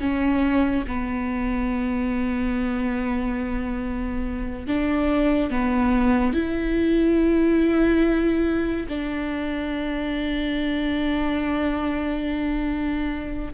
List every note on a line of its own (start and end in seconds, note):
0.00 0.85 C#4
0.87 4.67 B3
4.67 5.50 D4
5.50 6.33 B3
6.33 8.87 E4
8.88 13.53 D4